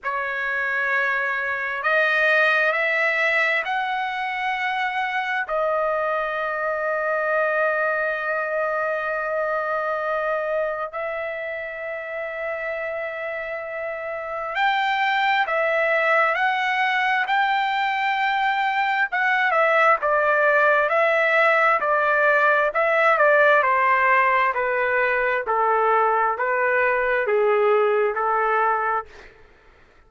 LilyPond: \new Staff \with { instrumentName = "trumpet" } { \time 4/4 \tempo 4 = 66 cis''2 dis''4 e''4 | fis''2 dis''2~ | dis''1 | e''1 |
g''4 e''4 fis''4 g''4~ | g''4 fis''8 e''8 d''4 e''4 | d''4 e''8 d''8 c''4 b'4 | a'4 b'4 gis'4 a'4 | }